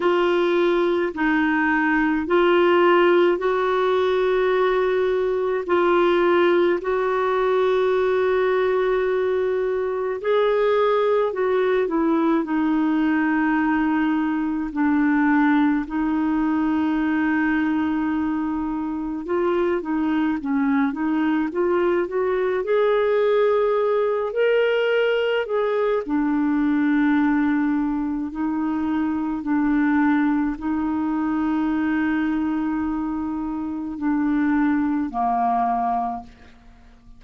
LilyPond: \new Staff \with { instrumentName = "clarinet" } { \time 4/4 \tempo 4 = 53 f'4 dis'4 f'4 fis'4~ | fis'4 f'4 fis'2~ | fis'4 gis'4 fis'8 e'8 dis'4~ | dis'4 d'4 dis'2~ |
dis'4 f'8 dis'8 cis'8 dis'8 f'8 fis'8 | gis'4. ais'4 gis'8 d'4~ | d'4 dis'4 d'4 dis'4~ | dis'2 d'4 ais4 | }